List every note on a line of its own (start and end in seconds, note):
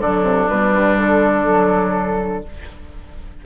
0.00 0.22 D3
0.00 0.48 F#3
0.00 2.44 D4
0.00 0.49 A4
0.22 0.47 C3
0.48 0.73 B2
0.48 1.46 G3
0.48 0.98 B4
0.73 0.97 G2
0.97 2.44 D3
0.97 2.45 A4
1.46 2.43 F#3